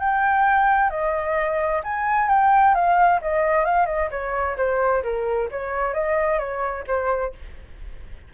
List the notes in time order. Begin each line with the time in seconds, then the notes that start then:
0.00 G5
0.90 D#5
1.84 G#5
2.29 G5
2.75 F5
3.22 D#5
3.65 F5
3.87 D#5
4.11 C#5
4.57 C5
5.04 A#4
5.51 C#5
5.94 D#5
6.39 C#5
6.87 C5